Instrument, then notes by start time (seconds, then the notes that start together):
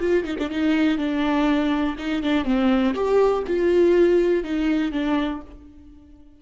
viola
0.00 F4
0.24 D#4
0.38 D4
0.51 D#4
0.98 D4
1.98 D#4
2.23 D4
2.45 C4
2.94 G4
3.47 F4
4.44 D#4
4.92 D4